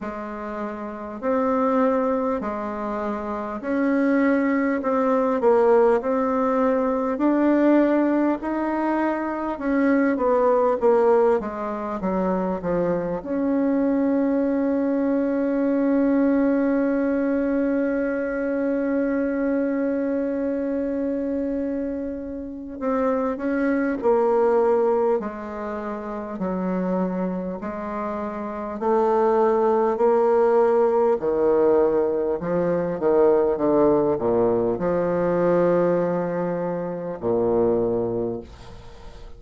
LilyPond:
\new Staff \with { instrumentName = "bassoon" } { \time 4/4 \tempo 4 = 50 gis4 c'4 gis4 cis'4 | c'8 ais8 c'4 d'4 dis'4 | cis'8 b8 ais8 gis8 fis8 f8 cis'4~ | cis'1~ |
cis'2. c'8 cis'8 | ais4 gis4 fis4 gis4 | a4 ais4 dis4 f8 dis8 | d8 ais,8 f2 ais,4 | }